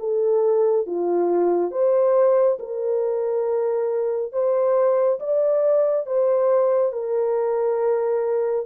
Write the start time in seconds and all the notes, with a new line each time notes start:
0.00 A4
0.87 F4
1.72 C5
2.60 A#4
4.33 C5
5.20 D5
6.07 C5
6.93 A#4